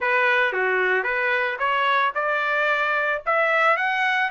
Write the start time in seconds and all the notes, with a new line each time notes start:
0.00 B4
0.52 F#4
1.03 B4
1.59 C#5
2.14 D5
3.26 E5
3.76 F#5